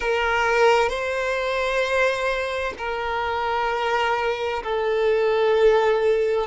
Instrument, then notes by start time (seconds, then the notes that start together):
violin
0.00 A#4
0.89 C5
2.78 A#4
4.63 A4